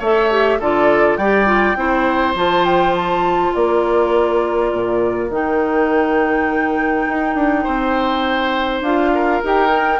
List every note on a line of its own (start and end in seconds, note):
0.00 0.60 A3
0.00 0.31 A4
0.00 0.59 C#5
0.00 0.62 E5
0.31 0.61 G4
0.60 1.18 D3
0.60 1.21 F4
0.60 1.19 A4
0.60 1.17 D5
1.17 1.76 G3
1.17 1.46 G4
1.17 1.77 D5
1.17 2.35 G5
1.46 1.76 F4
1.76 2.35 C4
1.76 2.35 E4
1.76 3.55 C5
2.35 3.53 F3
2.35 5.31 F4
2.35 2.66 A5
2.66 2.95 G5
2.96 3.55 A5
3.55 4.73 A#3
3.55 7.64 A#4
3.55 5.31 D5
4.73 5.30 A#2
5.30 7.07 D#3
5.30 8.84 D#4
5.30 8.83 G5
7.09 7.35 D#4
7.35 7.65 D4
7.64 8.82 C4
7.64 9.11 C5
8.82 9.40 D4
8.82 9.44 F4
8.82 9.42 F5
9.15 10.00 A#4
9.44 10.00 D#4
9.44 9.69 G4
9.44 10.00 G5
9.69 9.98 A#4